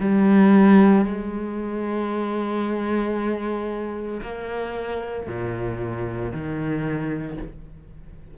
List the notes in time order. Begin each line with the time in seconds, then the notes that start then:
0.00 G3
1.06 G#3
4.22 A#3
5.28 A#2
6.33 D#3